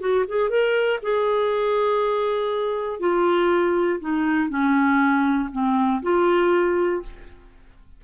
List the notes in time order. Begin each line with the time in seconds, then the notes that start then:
0.00 F#4
0.28 G#4
0.50 A#4
1.02 G#4
3.00 F4
4.00 D#4
4.49 C#4
5.52 C4
6.02 F4